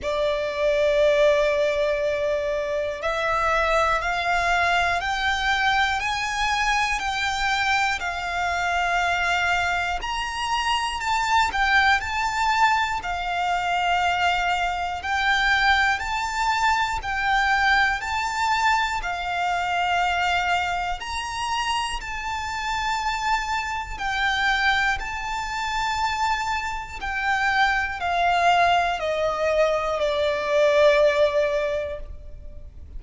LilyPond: \new Staff \with { instrumentName = "violin" } { \time 4/4 \tempo 4 = 60 d''2. e''4 | f''4 g''4 gis''4 g''4 | f''2 ais''4 a''8 g''8 | a''4 f''2 g''4 |
a''4 g''4 a''4 f''4~ | f''4 ais''4 a''2 | g''4 a''2 g''4 | f''4 dis''4 d''2 | }